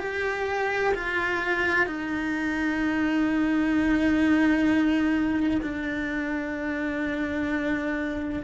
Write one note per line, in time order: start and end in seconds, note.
0.00 0.94 G4
0.95 1.87 F4
1.87 5.62 D#4
5.62 8.43 D4